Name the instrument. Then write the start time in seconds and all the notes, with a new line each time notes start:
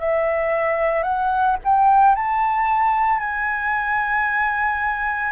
flute
0.00 E5
1.03 F#5
1.64 G5
2.16 A5
3.19 G#5